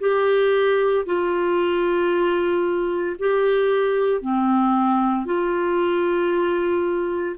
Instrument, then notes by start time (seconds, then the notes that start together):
clarinet
0.00 G4
1.06 F4
3.19 G4
4.22 C4
5.25 F4